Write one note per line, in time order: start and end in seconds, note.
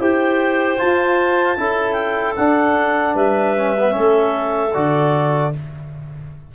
0.00 0.79 E4
0.00 0.78 G4
0.00 1.58 C5
0.00 0.79 G5
0.78 1.57 F4
0.78 1.93 A5
1.57 2.36 C#4
1.57 2.36 E4
1.57 3.15 A4
1.93 2.33 G5
2.36 3.15 D4
2.36 3.57 D4
2.36 3.15 F#5
3.15 3.94 G3
3.15 3.94 B4
3.15 4.74 E5
3.57 3.77 C#4
3.79 3.91 B3
3.91 4.70 C#4
3.91 5.54 A4
3.97 4.76 A3
4.74 5.55 D3
4.74 5.53 F#4
4.74 5.53 D5